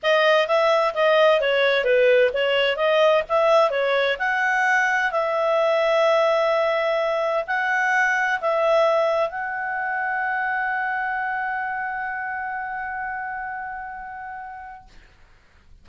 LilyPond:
\new Staff \with { instrumentName = "clarinet" } { \time 4/4 \tempo 4 = 129 dis''4 e''4 dis''4 cis''4 | b'4 cis''4 dis''4 e''4 | cis''4 fis''2 e''4~ | e''1 |
fis''2 e''2 | fis''1~ | fis''1~ | fis''1 | }